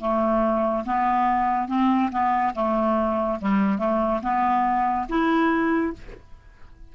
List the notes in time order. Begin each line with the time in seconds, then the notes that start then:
0.00 A3
0.86 B3
1.68 C4
2.12 B3
2.55 A3
3.41 G3
3.78 A3
4.23 B3
5.09 E4